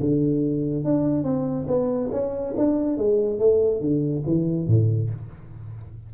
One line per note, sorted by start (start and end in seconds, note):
0.00 0.85 D3
0.85 1.24 D4
1.24 1.67 C4
1.68 2.10 B3
2.12 2.55 C#4
2.57 2.98 D4
2.98 3.40 G#3
3.40 3.81 A3
3.81 4.24 D3
4.26 4.67 E3
4.67 5.10 A2